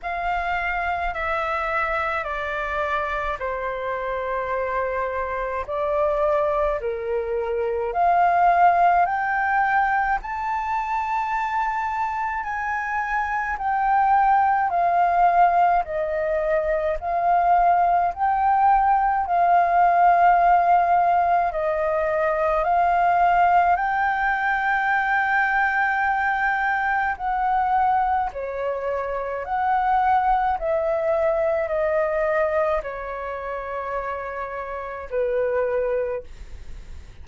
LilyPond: \new Staff \with { instrumentName = "flute" } { \time 4/4 \tempo 4 = 53 f''4 e''4 d''4 c''4~ | c''4 d''4 ais'4 f''4 | g''4 a''2 gis''4 | g''4 f''4 dis''4 f''4 |
g''4 f''2 dis''4 | f''4 g''2. | fis''4 cis''4 fis''4 e''4 | dis''4 cis''2 b'4 | }